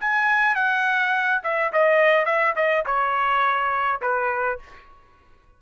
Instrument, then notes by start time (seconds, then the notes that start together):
trumpet
0.00 G#5
0.55 F#5
1.43 E5
1.72 D#5
2.25 E5
2.56 D#5
2.86 C#5
4.01 B4